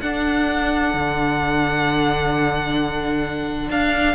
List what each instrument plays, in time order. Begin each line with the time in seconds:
0.00 cello D4, viola D4, violin A4 F#5
0.93 cello D3
3.69 cello D4, violin F5